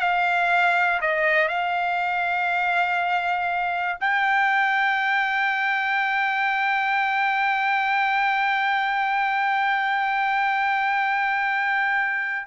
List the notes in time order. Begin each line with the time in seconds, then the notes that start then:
0.00 F5
1.01 D#5
1.48 F5
4.00 G5